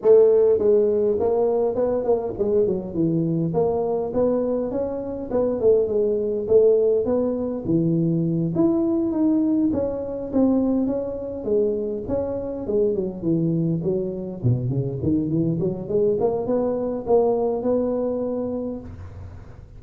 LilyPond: \new Staff \with { instrumentName = "tuba" } { \time 4/4 \tempo 4 = 102 a4 gis4 ais4 b8 ais8 | gis8 fis8 e4 ais4 b4 | cis'4 b8 a8 gis4 a4 | b4 e4. e'4 dis'8~ |
dis'8 cis'4 c'4 cis'4 gis8~ | gis8 cis'4 gis8 fis8 e4 fis8~ | fis8 b,8 cis8 dis8 e8 fis8 gis8 ais8 | b4 ais4 b2 | }